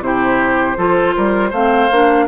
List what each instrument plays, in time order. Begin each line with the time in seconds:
0.00 bassoon C3, clarinet E4, oboe G4, flute C5
0.77 bassoon F3, clarinet F4, oboe A4
1.16 bassoon G3, oboe A#4
1.49 bassoon A3, clarinet C4, oboe C5, flute F5
1.91 bassoon A#3, clarinet D4